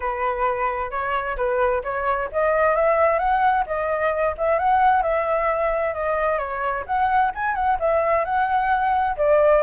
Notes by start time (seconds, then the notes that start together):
0.00 B4
0.90 C#5
1.36 B4
1.83 C#5
2.32 D#5
2.75 E5
3.18 F#5
3.66 D#5
4.37 E5
4.58 F#5
5.02 E5
5.94 D#5
6.38 C#5
6.86 F#5
7.34 G#5
7.54 F#5
7.79 E5
8.24 F#5
9.16 D5